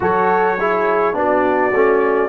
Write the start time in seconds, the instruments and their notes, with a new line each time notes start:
0.00 tuba F#3, trombone F#4, horn A4, trumpet C#5
0.58 trombone E4, horn G#4
1.13 tuba B3, trombone D4, horn F#4, trumpet D5
1.72 tuba A3, trombone C#4